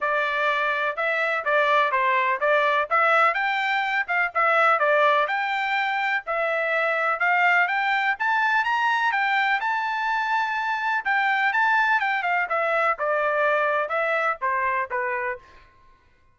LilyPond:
\new Staff \with { instrumentName = "trumpet" } { \time 4/4 \tempo 4 = 125 d''2 e''4 d''4 | c''4 d''4 e''4 g''4~ | g''8 f''8 e''4 d''4 g''4~ | g''4 e''2 f''4 |
g''4 a''4 ais''4 g''4 | a''2. g''4 | a''4 g''8 f''8 e''4 d''4~ | d''4 e''4 c''4 b'4 | }